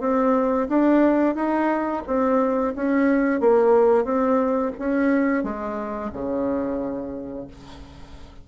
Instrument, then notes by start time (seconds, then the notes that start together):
bassoon
0.00 C4
0.69 D4
1.35 D#4
2.07 C4
2.75 C#4
3.40 A#3
4.04 C4
4.78 C#4
5.43 G#3
6.13 C#3